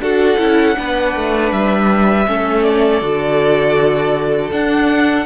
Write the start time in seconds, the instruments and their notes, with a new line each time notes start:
0.00 cello D4, viola F#4, violin A4 F#5
0.38 cello C#4, viola E4
0.76 cello B3, viola D4, violin B4
1.16 cello A3
1.52 cello G3, violin E5
2.27 cello A3, viola C#4, violin A4
2.63 violin D5
3.01 cello D3, viola F#4
4.52 viola D4, cello D4, violin F#5